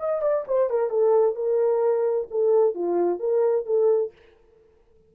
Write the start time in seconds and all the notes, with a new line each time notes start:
0.00 D#5
0.22 D5
0.48 C5
0.70 A#4
0.90 A4
1.36 A#4
2.31 A4
2.75 F4
3.20 A#4
3.66 A4